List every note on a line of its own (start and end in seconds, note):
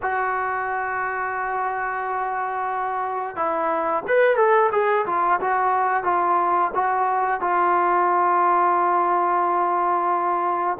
0.02 3.36 F#4
3.36 4.03 E4
4.07 4.36 B4
4.36 4.70 A4
4.72 5.05 G#4
5.06 5.39 F4
5.40 6.03 F#4
6.03 6.71 F4
6.74 7.40 F#4
7.40 10.77 F4